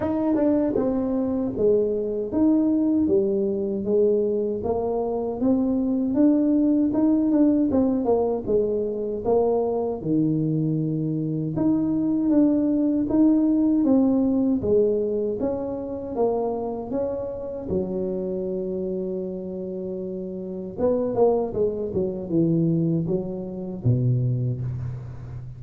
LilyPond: \new Staff \with { instrumentName = "tuba" } { \time 4/4 \tempo 4 = 78 dis'8 d'8 c'4 gis4 dis'4 | g4 gis4 ais4 c'4 | d'4 dis'8 d'8 c'8 ais8 gis4 | ais4 dis2 dis'4 |
d'4 dis'4 c'4 gis4 | cis'4 ais4 cis'4 fis4~ | fis2. b8 ais8 | gis8 fis8 e4 fis4 b,4 | }